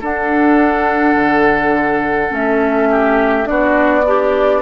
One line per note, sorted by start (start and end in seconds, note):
0.00 2.30 D4
0.00 1.14 D4
0.00 2.88 A4
0.00 2.34 F#5
1.14 2.30 D3
2.30 3.46 A3
2.30 3.44 C#4
2.30 3.46 E5
2.90 3.48 G4
3.44 4.62 B3
3.44 4.02 D4
3.44 4.05 F#4
3.44 4.62 D5
4.05 4.62 D4
4.05 4.62 G4